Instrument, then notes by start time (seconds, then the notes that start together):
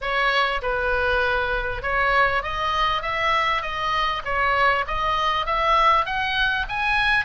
oboe
0.01 C#5
0.62 B4
1.82 C#5
2.42 D#5
3.02 E5
3.61 D#5
4.24 C#5
4.87 D#5
5.45 E5
6.05 F#5
6.68 G#5